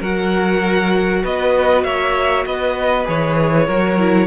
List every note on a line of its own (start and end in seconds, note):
0.00 1.23 F#3
0.00 3.04 F#4
0.00 1.22 A#4
0.00 1.25 F#5
1.23 1.84 B3
1.23 1.84 B4
1.23 1.83 D#5
1.83 2.45 A#3
1.83 2.45 C#5
1.83 2.45 E5
2.45 3.07 B3
2.45 3.66 B4
2.45 3.07 D#5
3.04 3.68 E3
3.04 3.66 G#4
3.04 4.27 C#5
3.66 4.27 F#3
3.66 3.98 F#4
3.66 4.27 A#4
3.98 4.27 E4